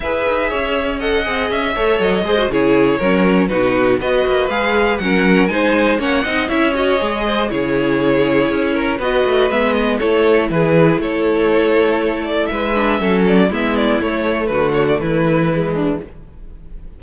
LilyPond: <<
  \new Staff \with { instrumentName = "violin" } { \time 4/4 \tempo 4 = 120 e''2 fis''4 e''4 | dis''4 cis''2 b'4 | dis''4 f''4 fis''4 gis''4 | fis''4 e''8 dis''4. cis''4~ |
cis''2 dis''4 e''8 dis''8 | cis''4 b'4 cis''2~ | cis''8 d''8 e''4. d''8 e''8 d''8 | cis''4 b'8 cis''16 d''16 b'2 | }
  \new Staff \with { instrumentName = "violin" } { \time 4/4 b'4 cis''4 dis''4. cis''8~ | cis''8 c''8 gis'4 ais'4 fis'4 | b'2 ais'4 c''4 | cis''8 dis''8 cis''4. c''8 gis'4~ |
gis'4. ais'8 b'2 | a'4 gis'4 a'2~ | a'4 b'4 a'4 e'4~ | e'4 fis'4 e'4. d'8 | }
  \new Staff \with { instrumentName = "viola" } { \time 4/4 gis'2 a'8 gis'4 a'8~ | a'8 gis'16 fis'16 e'4 cis'4 dis'4 | fis'4 gis'4 cis'4 dis'4 | cis'8 dis'8 e'8 fis'8 gis'4 e'4~ |
e'2 fis'4 b4 | e'1~ | e'4. d'8 cis'4 b4 | a2. gis4 | }
  \new Staff \with { instrumentName = "cello" } { \time 4/4 e'8 dis'8 cis'4. c'8 cis'8 a8 | fis8 gis8 cis4 fis4 b,4 | b8 ais8 gis4 fis4 gis4 | ais8 c'8 cis'4 gis4 cis4~ |
cis4 cis'4 b8 a8 gis4 | a4 e4 a2~ | a4 gis4 fis4 gis4 | a4 d4 e2 | }
>>